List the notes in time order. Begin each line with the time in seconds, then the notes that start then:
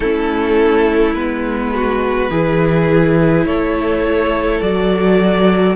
0.00 A3 C#4 E4 A4
1.13 G#3 B3 B4
1.75 F#4
2.30 E3 E4 G#4
3.45 A3 A4 C#5
4.60 F#3 F#4 D5